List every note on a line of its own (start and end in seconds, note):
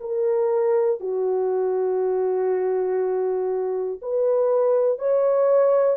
0.00 1.00 A#4
1.00 4.00 F#4
4.02 4.99 B4
4.99 5.97 C#5